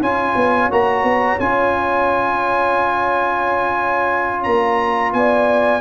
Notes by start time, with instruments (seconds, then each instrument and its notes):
0.00 tuba C#4, trombone F4, horn C#5, trumpet G#5
0.35 tuba B3
0.70 tuba A#3, trombone F#4, trumpet A#5
1.03 tuba B3
1.39 tuba C#4, trombone F4, trumpet G#5
4.43 tuba A#3, trumpet A#5
5.13 tuba B3, horn D5, trumpet G#5